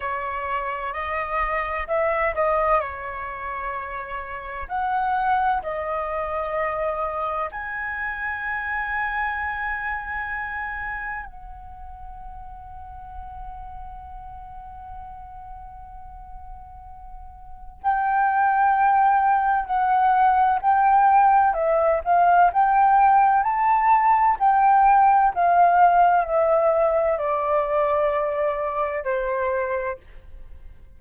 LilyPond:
\new Staff \with { instrumentName = "flute" } { \time 4/4 \tempo 4 = 64 cis''4 dis''4 e''8 dis''8 cis''4~ | cis''4 fis''4 dis''2 | gis''1 | fis''1~ |
fis''2. g''4~ | g''4 fis''4 g''4 e''8 f''8 | g''4 a''4 g''4 f''4 | e''4 d''2 c''4 | }